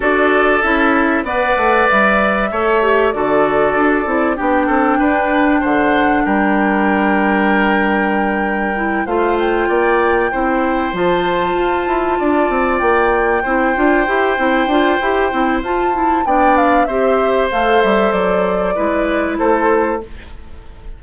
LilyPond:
<<
  \new Staff \with { instrumentName = "flute" } { \time 4/4 \tempo 4 = 96 d''4 e''4 fis''4 e''4~ | e''4 d''2 g''4~ | g''4 fis''4 g''2~ | g''2~ g''8 f''8 g''4~ |
g''4. a''2~ a''8~ | a''8 g''2.~ g''8~ | g''4 a''4 g''8 f''8 e''4 | f''8 e''8 d''2 c''4 | }
  \new Staff \with { instrumentName = "oboe" } { \time 4/4 a'2 d''2 | cis''4 a'2 g'8 a'8 | b'4 c''4 ais'2~ | ais'2~ ais'8 c''4 d''8~ |
d''8 c''2. d''8~ | d''4. c''2~ c''8~ | c''2 d''4 c''4~ | c''2 b'4 a'4 | }
  \new Staff \with { instrumentName = "clarinet" } { \time 4/4 fis'4 e'4 b'2 | a'8 g'8 fis'4. e'8 d'4~ | d'1~ | d'2 e'8 f'4.~ |
f'8 e'4 f'2~ f'8~ | f'4. e'8 f'8 g'8 e'8 f'8 | g'8 e'8 f'8 e'8 d'4 g'4 | a'2 e'2 | }
  \new Staff \with { instrumentName = "bassoon" } { \time 4/4 d'4 cis'4 b8 a8 g4 | a4 d4 d'8 c'8 b8 c'8 | d'4 d4 g2~ | g2~ g8 a4 ais8~ |
ais8 c'4 f4 f'8 e'8 d'8 | c'8 ais4 c'8 d'8 e'8 c'8 d'8 | e'8 c'8 f'4 b4 c'4 | a8 g8 fis4 gis4 a4 | }
>>